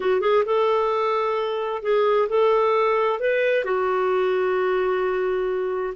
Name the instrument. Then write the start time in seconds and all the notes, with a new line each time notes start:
clarinet
0.00 F#4
0.20 G#4
0.45 A4
1.82 G#4
2.28 A4
3.19 B4
3.64 F#4